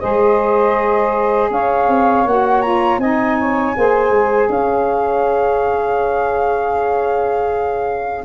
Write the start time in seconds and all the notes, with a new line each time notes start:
0.00 G#3 G#4 C5 D#5
1.50 C#4 C#5 F5
1.88 C4
2.25 A#3 F#4 F#5
2.62 F4 A#5
2.98 C4 D#4 D#5 G#5
3.39 C#5
3.75 A#3 G#4 C5
4.10 G#3
4.50 C#4 C#5 F5